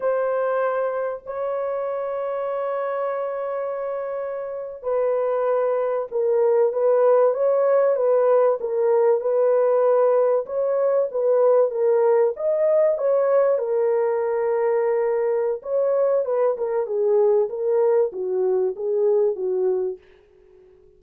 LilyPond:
\new Staff \with { instrumentName = "horn" } { \time 4/4 \tempo 4 = 96 c''2 cis''2~ | cis''2.~ cis''8. b'16~ | b'4.~ b'16 ais'4 b'4 cis''16~ | cis''8. b'4 ais'4 b'4~ b'16~ |
b'8. cis''4 b'4 ais'4 dis''16~ | dis''8. cis''4 ais'2~ ais'16~ | ais'4 cis''4 b'8 ais'8 gis'4 | ais'4 fis'4 gis'4 fis'4 | }